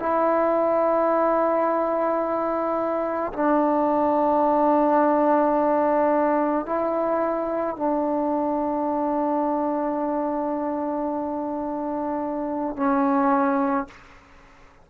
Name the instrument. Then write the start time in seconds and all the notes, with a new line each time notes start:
trombone
0.00 E4
3.34 D4
6.66 E4
7.77 D4
12.77 C#4